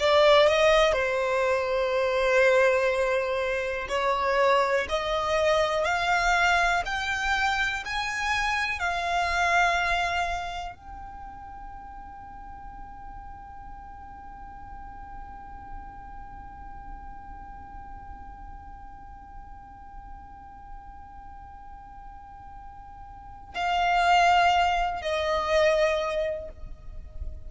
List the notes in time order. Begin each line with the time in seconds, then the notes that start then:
0.00 D5
0.48 D#5
0.93 C5
3.89 C#5
4.89 D#5
5.85 F5
6.86 G5
7.86 G#5
8.80 F5
10.76 G5
23.55 F5
25.02 D#5